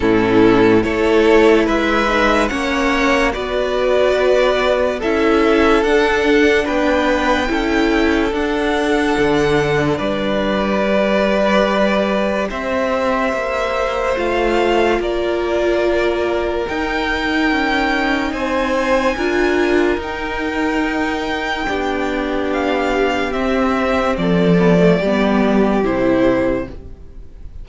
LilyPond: <<
  \new Staff \with { instrumentName = "violin" } { \time 4/4 \tempo 4 = 72 a'4 cis''4 e''4 fis''4 | d''2 e''4 fis''4 | g''2 fis''2 | d''2. e''4~ |
e''4 f''4 d''2 | g''2 gis''2 | g''2. f''4 | e''4 d''2 c''4 | }
  \new Staff \with { instrumentName = "violin" } { \time 4/4 e'4 a'4 b'4 cis''4 | b'2 a'2 | b'4 a'2. | b'2. c''4~ |
c''2 ais'2~ | ais'2 c''4 ais'4~ | ais'2 g'2~ | g'4 a'4 g'2 | }
  \new Staff \with { instrumentName = "viola" } { \time 4/4 cis'4 e'4. dis'8 cis'4 | fis'2 e'4 d'4~ | d'4 e'4 d'2~ | d'4 g'2.~ |
g'4 f'2. | dis'2. f'4 | dis'2 d'2 | c'4. b16 a16 b4 e'4 | }
  \new Staff \with { instrumentName = "cello" } { \time 4/4 a,4 a4 gis4 ais4 | b2 cis'4 d'4 | b4 cis'4 d'4 d4 | g2. c'4 |
ais4 a4 ais2 | dis'4 cis'4 c'4 d'4 | dis'2 b2 | c'4 f4 g4 c4 | }
>>